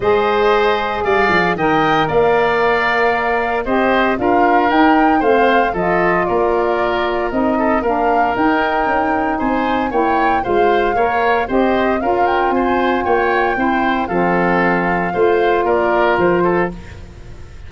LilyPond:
<<
  \new Staff \with { instrumentName = "flute" } { \time 4/4 \tempo 4 = 115 dis''2 f''4 g''4 | f''2. dis''4 | f''4 g''4 f''4 dis''4 | d''2 dis''4 f''4 |
g''2 gis''4 g''4 | f''2 dis''4 f''8 g''8 | gis''4 g''2 f''4~ | f''2 d''4 c''4 | }
  \new Staff \with { instrumentName = "oboe" } { \time 4/4 c''2 d''4 dis''4 | d''2. c''4 | ais'2 c''4 a'4 | ais'2~ ais'8 a'8 ais'4~ |
ais'2 c''4 cis''4 | c''4 cis''4 c''4 ais'4 | c''4 cis''4 c''4 a'4~ | a'4 c''4 ais'4. a'8 | }
  \new Staff \with { instrumentName = "saxophone" } { \time 4/4 gis'2. ais'4~ | ais'2. g'4 | f'4 dis'4 c'4 f'4~ | f'2 dis'4 d'4 |
dis'2. e'4 | f'4 ais'4 g'4 f'4~ | f'2 e'4 c'4~ | c'4 f'2. | }
  \new Staff \with { instrumentName = "tuba" } { \time 4/4 gis2 g8 f8 dis4 | ais2. c'4 | d'4 dis'4 a4 f4 | ais2 c'4 ais4 |
dis'4 cis'4 c'4 ais4 | gis4 ais4 c'4 cis'4 | c'4 ais4 c'4 f4~ | f4 a4 ais4 f4 | }
>>